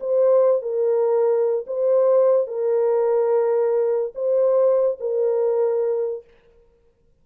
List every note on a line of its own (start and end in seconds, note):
0.00 0.62 C5
0.62 1.65 A#4
1.67 2.47 C5
2.47 4.13 A#4
4.15 4.97 C5
5.00 6.24 A#4